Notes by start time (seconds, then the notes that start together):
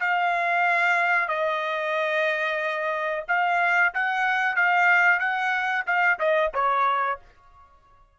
0.00 F5
1.29 D#5
3.28 F5
3.94 F#5
4.56 F5
5.20 F#5
5.86 F5
6.19 D#5
6.54 C#5